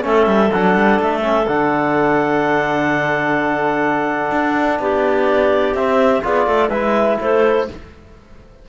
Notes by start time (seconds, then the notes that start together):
0.00 A3 C#4 A4 E5
0.26 G3
0.52 F#3 D4 F#5
0.75 G3
0.99 A3 E5
1.21 C#4
1.47 D3 D4 F#5
4.31 D4
4.79 B3 G4 D5
5.74 C4 E5
6.22 B3 F4 G#4 D5
6.47 A3 A4
6.69 G#3 E4 B4 E5
7.20 A3 A4 C5